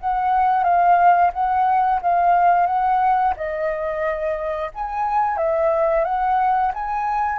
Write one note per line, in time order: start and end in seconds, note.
0.00 0.64 F#5
0.64 1.31 F5
1.33 2.01 F#5
2.02 2.66 F5
2.66 3.34 F#5
3.36 4.71 D#5
4.74 5.37 G#5
5.37 6.04 E5
6.04 6.72 F#5
6.74 7.39 G#5